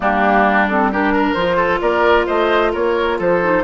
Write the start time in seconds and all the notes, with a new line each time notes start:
0.00 G3 A#3 D4 G4
0.68 C4 A4
0.91 D4 G4 A#4
1.12 A#4
1.33 F3 F4 C5
1.56 A4
1.81 A#3 A#4 D5
2.26 A3 C5 D#5
2.72 A#3 A#4 C#5
3.18 F3 A4 C5
3.42 D#4